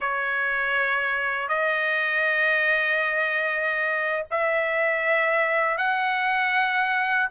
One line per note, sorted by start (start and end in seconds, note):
0.00 1.48 C#5
1.48 4.25 D#5
4.30 5.77 E5
5.77 7.29 F#5